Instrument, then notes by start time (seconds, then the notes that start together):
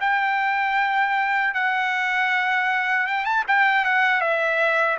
trumpet
0.00 G5
1.54 F#5
3.07 G5
3.25 A5
3.48 G5
3.85 F#5
4.21 E5